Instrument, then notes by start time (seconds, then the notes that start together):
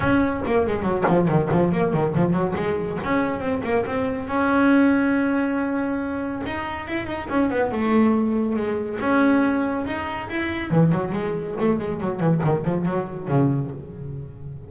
double bass
0.00 C#4
0.45 A#3
0.66 G#3
0.82 F#3
1.07 F3
1.27 D#3
1.51 F3
1.71 A#3
1.93 D#3
2.15 F3
2.32 F#3
2.55 G#3
3.03 C#4
3.40 C4
3.63 A#3
3.85 C4
4.27 C#4
6.46 D#4
6.87 E4
7.06 D#4
7.29 C#4
7.50 B3
7.71 A3
8.55 G#3
8.99 C#4
9.86 D#4
10.29 E4
10.70 E3
10.92 F#3
11.12 G#3
11.59 A3
11.79 G#3
12.00 F#3
12.20 E3
12.44 D#3
12.64 F3
12.85 F#3
13.28 C#3